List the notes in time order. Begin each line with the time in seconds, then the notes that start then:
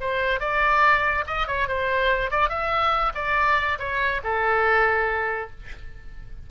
0.00 C5
0.40 D5
1.27 D#5
1.47 C#5
1.68 C5
2.30 D5
2.49 E5
3.15 D5
3.79 C#5
4.23 A4